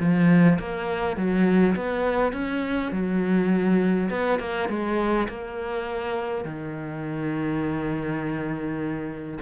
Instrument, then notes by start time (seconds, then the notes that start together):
cello
0.00 F3
0.59 A#3
1.17 F#3
1.76 B3
2.33 C#4
2.92 F#3
4.10 B3
4.40 A#3
4.69 G#3
5.29 A#3
6.45 D#3